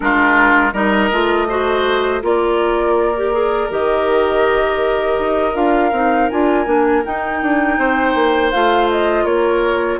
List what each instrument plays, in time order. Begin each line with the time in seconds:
0.00 bassoon G#3, clarinet D4, oboe F4, flute A#4
0.73 bassoon G3, clarinet D#4, oboe A#4, flute D#5
1.11 bassoon A3, clarinet F4
1.48 clarinet F#4, oboe C5
2.21 bassoon A#3, clarinet F4, oboe A#4, flute D5
3.16 clarinet G4
3.32 clarinet G#4
3.69 bassoon D#3, clarinet G4, flute D#5
5.18 bassoon D#4
5.54 bassoon D4, clarinet F4, flute F5
5.92 bassoon C4, clarinet D#4
6.30 bassoon D4, clarinet F4, flute G#5
6.65 bassoon A#3, clarinet D4
7.05 clarinet D#4, bassoon D#4, flute G5
7.42 bassoon D4
7.77 bassoon C4, oboe C5
8.15 bassoon A#3
8.51 bassoon A3, clarinet F4, flute F5
8.90 flute D#5
9.24 bassoon A#3, oboe A#4, flute C#5